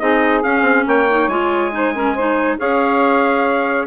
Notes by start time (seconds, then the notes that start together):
0.00 C4 D#4 G#4 D#5
0.43 C#4 F5
0.62 C4
0.86 A#3 C#5 G5
1.10 D#4
1.28 G#3 F4 G#5
1.72 D#4 C5
1.95 C#4 A#4
2.15 D#4 C5
2.59 C#4 G#4 C#5 F5